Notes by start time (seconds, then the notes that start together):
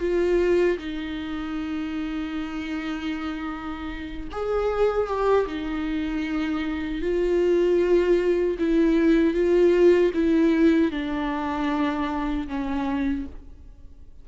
0.00 F4
0.78 D#4
4.32 G#4
5.08 G4
5.47 D#4
7.02 F4
8.59 E4
9.34 F4
10.15 E4
10.92 D4
12.48 C#4